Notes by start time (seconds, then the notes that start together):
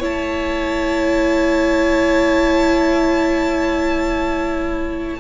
0.00 A3 E4 C#5 A5